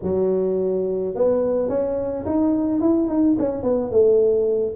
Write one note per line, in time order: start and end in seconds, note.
0.02 1.14 F#3
1.14 1.68 B3
1.68 2.24 C#4
2.25 2.80 D#4
2.80 3.08 E4
3.08 3.36 D#4
3.38 3.62 C#4
3.62 3.90 B3
3.90 4.75 A3